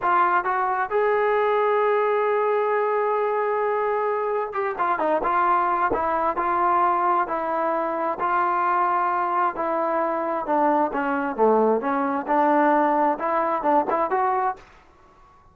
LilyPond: \new Staff \with { instrumentName = "trombone" } { \time 4/4 \tempo 4 = 132 f'4 fis'4 gis'2~ | gis'1~ | gis'2 g'8 f'8 dis'8 f'8~ | f'4 e'4 f'2 |
e'2 f'2~ | f'4 e'2 d'4 | cis'4 a4 cis'4 d'4~ | d'4 e'4 d'8 e'8 fis'4 | }